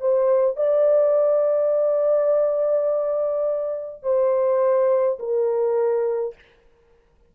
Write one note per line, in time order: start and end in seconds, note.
0.00 0.57 C5
0.57 4.03 D5
4.03 5.18 C5
5.19 6.35 A#4